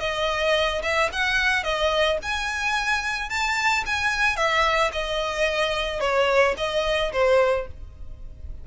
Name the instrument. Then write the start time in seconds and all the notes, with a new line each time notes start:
violin
0.00 D#5
0.83 E5
1.12 F#5
1.63 D#5
2.23 G#5
3.30 A5
3.86 G#5
4.37 E5
4.93 D#5
6.00 C#5
6.57 D#5
7.13 C5